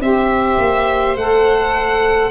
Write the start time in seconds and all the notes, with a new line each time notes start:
0.00 C4 G4 C5 E5
0.58 A#3
1.16 A3 A4 F#5